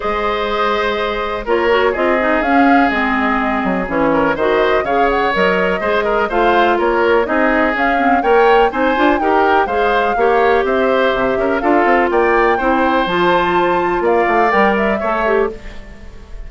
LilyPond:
<<
  \new Staff \with { instrumentName = "flute" } { \time 4/4 \tempo 4 = 124 dis''2. cis''4 | dis''4 f''4 dis''2 | cis''4 dis''4 f''8 fis''8 dis''4~ | dis''4 f''4 cis''4 dis''4 |
f''4 g''4 gis''4 g''4 | f''2 e''2 | f''4 g''2 a''4~ | a''4 f''4 g''8 e''4. | }
  \new Staff \with { instrumentName = "oboe" } { \time 4/4 c''2. ais'4 | gis'1~ | gis'8 ais'8 c''4 cis''2 | c''8 ais'8 c''4 ais'4 gis'4~ |
gis'4 cis''4 c''4 ais'4 | c''4 cis''4 c''4. ais'8 | a'4 d''4 c''2~ | c''4 d''2 cis''4 | }
  \new Staff \with { instrumentName = "clarinet" } { \time 4/4 gis'2. f'8 fis'8 | f'8 dis'8 cis'4 c'2 | cis'4 fis'4 gis'4 ais'4 | gis'4 f'2 dis'4 |
cis'8 c'8 ais'4 dis'8 f'8 g'4 | gis'4 g'2. | f'2 e'4 f'4~ | f'2 ais'4 a'8 g'8 | }
  \new Staff \with { instrumentName = "bassoon" } { \time 4/4 gis2. ais4 | c'4 cis'4 gis4. fis8 | e4 dis4 cis4 fis4 | gis4 a4 ais4 c'4 |
cis'4 ais4 c'8 d'8 dis'4 | gis4 ais4 c'4 c8 cis'8 | d'8 c'8 ais4 c'4 f4~ | f4 ais8 a8 g4 a4 | }
>>